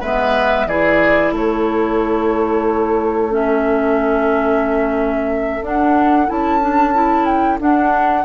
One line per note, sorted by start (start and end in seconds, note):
0.00 0.66 G#3
0.00 0.69 B3
0.00 0.66 B4
0.00 0.67 E5
0.66 1.31 E3
0.66 3.30 E4
0.66 1.33 G#4
0.66 1.33 D5
1.31 5.60 A3
1.31 8.25 A4
1.31 3.33 C#5
3.30 5.61 C#4
3.30 5.64 E5
5.62 6.28 D4
5.62 6.27 D4
5.62 6.29 F#5
6.27 7.60 C#4
6.27 6.60 E4
6.27 7.25 A5
6.60 6.93 D4
6.93 7.59 E4
7.25 7.58 G5
7.59 8.25 D4
7.59 8.25 F#5